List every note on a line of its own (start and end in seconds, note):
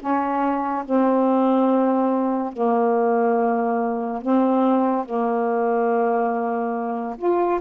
0.00 0.85 C#4
0.85 2.53 C4
2.53 4.22 A#3
4.22 5.05 C4
5.05 7.16 A#3
7.18 7.60 F4